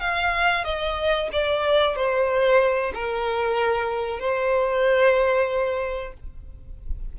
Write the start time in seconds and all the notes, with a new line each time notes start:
0.00 F5
0.64 D#5
1.33 D5
1.96 C5
2.94 A#4
4.20 C5